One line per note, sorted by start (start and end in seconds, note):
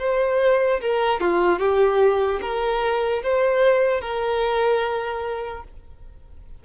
0.00 0.81 C5
0.81 1.21 A#4
1.21 1.59 F4
1.59 2.40 G4
2.42 3.23 A#4
3.24 4.02 C5
4.02 5.64 A#4